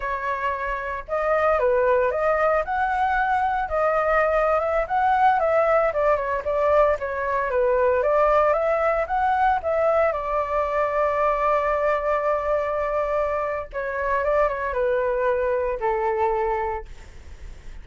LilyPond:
\new Staff \with { instrumentName = "flute" } { \time 4/4 \tempo 4 = 114 cis''2 dis''4 b'4 | dis''4 fis''2 dis''4~ | dis''8. e''8 fis''4 e''4 d''8 cis''16~ | cis''16 d''4 cis''4 b'4 d''8.~ |
d''16 e''4 fis''4 e''4 d''8.~ | d''1~ | d''2 cis''4 d''8 cis''8 | b'2 a'2 | }